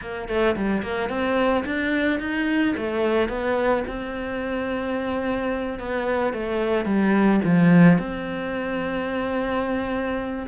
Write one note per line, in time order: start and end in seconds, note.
0.01 0.28 A#3
0.28 0.55 A3
0.56 0.82 G3
0.82 1.09 A#3
1.09 1.64 C4
1.65 2.19 D4
2.19 2.74 D#4
2.76 3.28 A3
3.28 3.83 B3
3.87 5.79 C4
5.79 6.33 B3
6.33 6.85 A3
6.85 7.40 G3
7.44 7.98 F3
7.98 10.46 C4